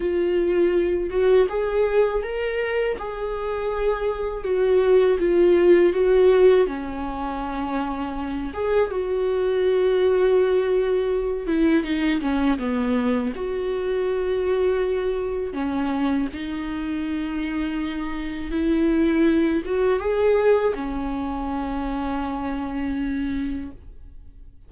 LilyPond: \new Staff \with { instrumentName = "viola" } { \time 4/4 \tempo 4 = 81 f'4. fis'8 gis'4 ais'4 | gis'2 fis'4 f'4 | fis'4 cis'2~ cis'8 gis'8 | fis'2.~ fis'8 e'8 |
dis'8 cis'8 b4 fis'2~ | fis'4 cis'4 dis'2~ | dis'4 e'4. fis'8 gis'4 | cis'1 | }